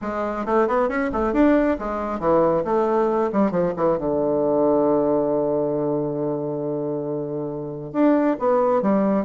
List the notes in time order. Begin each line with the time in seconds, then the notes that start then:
0.01 G#3
0.45 A3
0.67 B3
0.88 C#4
1.12 A3
1.33 D4
1.79 G#3
2.19 E3
2.64 A3
3.32 G3
3.51 F3
3.76 E3
3.97 D3
7.93 D4
8.39 B3
8.81 G3